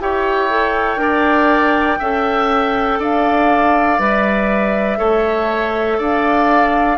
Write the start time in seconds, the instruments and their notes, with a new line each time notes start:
0.00 bassoon E4, clarinet G4, oboe C#5, flute G5
0.50 clarinet A4
0.97 bassoon D4, clarinet A#4, oboe D5
2.00 bassoon C#4, clarinet A4, oboe E5
3.00 bassoon D4, oboe D5, flute F5
3.99 bassoon G3, clarinet B4, flute E5
4.98 bassoon A3, clarinet A4, oboe C#5
5.98 bassoon D4, oboe D5, flute F5